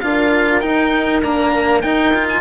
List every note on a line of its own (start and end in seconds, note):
0.00 0.63 D4
0.00 0.62 F4
0.00 2.40 A#4
0.00 0.60 F5
0.60 1.22 D#4
0.60 1.21 G5
1.22 1.83 A#3
1.22 1.82 D4
1.22 1.81 A#5
1.81 2.14 D#4
1.81 2.40 D#4
1.81 2.27 G5
2.14 2.40 F4
2.29 2.40 G#5